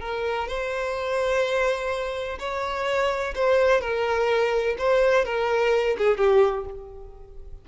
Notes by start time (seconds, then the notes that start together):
0.00 A#4
0.48 C5
2.39 C#5
3.35 C5
3.81 A#4
4.78 C5
5.25 A#4
5.98 G#4
6.17 G4